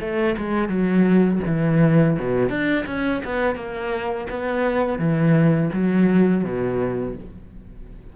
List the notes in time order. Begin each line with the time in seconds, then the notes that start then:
0.00 A3
0.38 G#3
0.69 F#3
1.46 E3
2.19 B2
2.49 D4
2.86 C#4
3.24 B3
3.56 A#3
4.30 B3
4.98 E3
5.73 F#3
6.44 B2